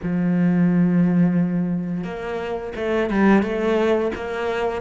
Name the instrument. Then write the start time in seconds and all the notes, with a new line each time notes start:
cello
0.02 F3
2.04 A#3
2.75 A3
3.10 G3
3.42 A3
4.15 A#3